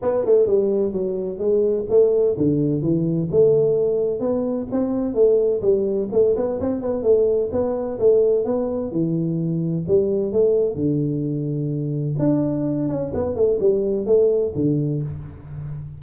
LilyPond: \new Staff \with { instrumentName = "tuba" } { \time 4/4 \tempo 4 = 128 b8 a8 g4 fis4 gis4 | a4 d4 e4 a4~ | a4 b4 c'4 a4 | g4 a8 b8 c'8 b8 a4 |
b4 a4 b4 e4~ | e4 g4 a4 d4~ | d2 d'4. cis'8 | b8 a8 g4 a4 d4 | }